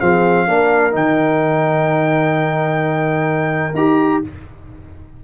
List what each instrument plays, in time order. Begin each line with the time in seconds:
0.00 tuba F3, trombone C4, horn G#4, trumpet F5
0.47 tuba A#3, trombone D4, horn A#4
0.91 tuba D#3, trombone D#4, trumpet G5
3.74 tuba D#4, trombone G4, trumpet A#5